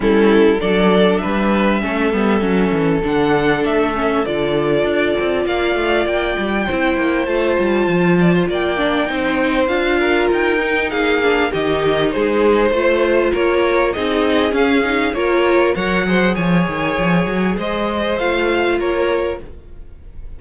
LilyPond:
<<
  \new Staff \with { instrumentName = "violin" } { \time 4/4 \tempo 4 = 99 a'4 d''4 e''2~ | e''4 fis''4 e''4 d''4~ | d''4 f''4 g''2 | a''2 g''2 |
f''4 g''4 f''4 dis''4 | c''2 cis''4 dis''4 | f''4 cis''4 fis''4 gis''4~ | gis''4 dis''4 f''4 cis''4 | }
  \new Staff \with { instrumentName = "violin" } { \time 4/4 e'4 a'4 b'4 a'4~ | a'1~ | a'4 d''2 c''4~ | c''4. d''16 c''16 d''4 c''4~ |
c''8 ais'4. gis'4 g'4 | gis'4 c''4 ais'4 gis'4~ | gis'4 ais'4 cis''8 c''8 cis''4~ | cis''4 c''2 ais'4 | }
  \new Staff \with { instrumentName = "viola" } { \time 4/4 cis'4 d'2 cis'8 b8 | cis'4 d'4. cis'8 f'4~ | f'2. e'4 | f'2~ f'8 d'8 dis'4 |
f'4. dis'4 d'8 dis'4~ | dis'4 f'2 dis'4 | cis'8 dis'8 f'4 ais'8 gis'4.~ | gis'2 f'2 | }
  \new Staff \with { instrumentName = "cello" } { \time 4/4 g4 fis4 g4 a8 g8 | fis8 e8 d4 a4 d4 | d'8 c'8 ais8 a8 ais8 g8 c'8 ais8 | a8 g8 f4 ais4 c'4 |
d'4 dis'4 ais4 dis4 | gis4 a4 ais4 c'4 | cis'4 ais4 fis4 f8 dis8 | f8 fis8 gis4 a4 ais4 | }
>>